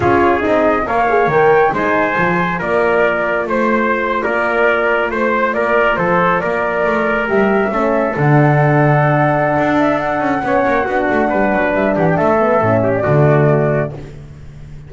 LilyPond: <<
  \new Staff \with { instrumentName = "flute" } { \time 4/4 \tempo 4 = 138 cis''4 dis''4 f''4 g''4 | gis''2 d''2 | c''4.~ c''16 d''2 c''16~ | c''8. d''4 c''4 d''4~ d''16~ |
d''8. e''2 fis''4~ fis''16~ | fis''2~ fis''8 e''8 fis''4~ | fis''2. e''8 fis''16 g''16 | e''4.~ e''16 d''2~ d''16 | }
  \new Staff \with { instrumentName = "trumpet" } { \time 4/4 gis'2 cis''2 | c''2 ais'2 | c''4.~ c''16 ais'2 c''16~ | c''8. ais'4 a'4 ais'4~ ais'16~ |
ais'4.~ ais'16 a'2~ a'16~ | a'1 | cis''4 fis'4 b'4. g'8 | a'4. g'8 fis'2 | }
  \new Staff \with { instrumentName = "horn" } { \time 4/4 f'4 dis'4 ais'8 gis'8 ais'4 | dis'4 f'2.~ | f'1~ | f'1~ |
f'8. g'4 cis'4 d'4~ d'16~ | d'1 | cis'4 d'2.~ | d'8 b8 cis'4 a2 | }
  \new Staff \with { instrumentName = "double bass" } { \time 4/4 cis'4 c'4 ais4 dis4 | gis4 f4 ais2 | a4.~ a16 ais2 a16~ | a8. ais4 f4 ais4 a16~ |
a8. g4 a4 d4~ d16~ | d2 d'4. cis'8 | b8 ais8 b8 a8 g8 fis8 g8 e8 | a4 a,4 d2 | }
>>